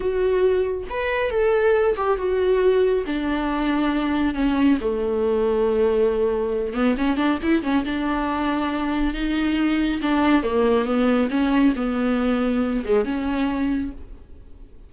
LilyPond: \new Staff \with { instrumentName = "viola" } { \time 4/4 \tempo 4 = 138 fis'2 b'4 a'4~ | a'8 g'8 fis'2 d'4~ | d'2 cis'4 a4~ | a2.~ a8 b8 |
cis'8 d'8 e'8 cis'8 d'2~ | d'4 dis'2 d'4 | ais4 b4 cis'4 b4~ | b4. gis8 cis'2 | }